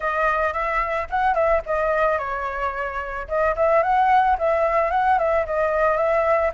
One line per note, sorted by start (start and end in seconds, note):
0.00 0.53 D#5
0.53 1.07 E5
1.09 1.34 F#5
1.34 1.61 E5
1.66 2.18 D#5
2.18 3.27 C#5
3.28 3.55 D#5
3.56 3.82 E5
3.82 4.37 F#5
4.38 4.91 E5
4.91 5.18 F#5
5.18 5.45 E5
5.45 5.96 D#5
5.96 6.51 E5